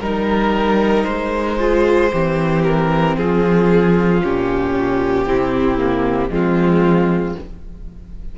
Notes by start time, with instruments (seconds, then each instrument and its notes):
0.00 cello G3, viola D#4, violin A#4
1.04 cello G#3, violin C5
1.59 viola F4, violin G#4
2.13 cello E3, viola C4, violin G4
2.64 violin A#4
3.17 cello F3, violin F4 G#4
4.22 cello A#2, viola C#4, violin G4
5.26 cello C3, viola C4, violin E4
5.79 viola A#3
6.30 cello F3, viola G#3, violin C4 F4